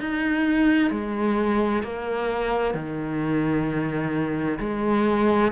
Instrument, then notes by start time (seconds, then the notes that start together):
cello
0.00 D#4
0.91 G#3
1.83 A#3
2.74 D#3
4.60 G#3